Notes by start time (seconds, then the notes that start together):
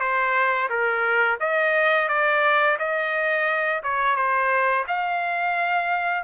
0.00 C5
0.70 A#4
1.40 D#5
2.08 D5
2.79 D#5
3.83 C#5
4.16 C5
4.88 F5